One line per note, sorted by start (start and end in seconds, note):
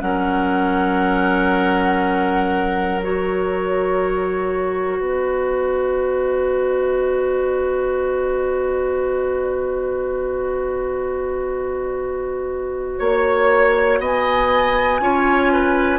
0.00 5.01 F#3
0.00 3.00 C#4
0.00 4.99 A#4
0.00 3.01 F#5
3.02 15.01 F#4
3.02 5.00 C#5
4.99 13.00 B3
4.99 12.99 B4
4.99 13.00 D#5
12.99 14.00 A#3
12.99 13.99 C#5
12.99 14.03 C#5
14.00 15.00 B3
14.00 15.01 D#5
14.00 15.99 G#5
15.00 15.99 C#4
15.00 15.99 F4
15.00 15.53 C#5
15.53 15.99 B4